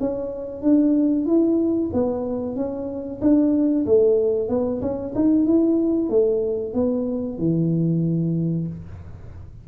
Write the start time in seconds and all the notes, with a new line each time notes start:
0.00 C#4
0.62 D4
1.26 E4
1.93 B3
2.56 C#4
3.21 D4
3.86 A3
4.49 B3
4.82 C#4
5.15 D#4
5.46 E4
6.09 A3
6.74 B3
7.38 E3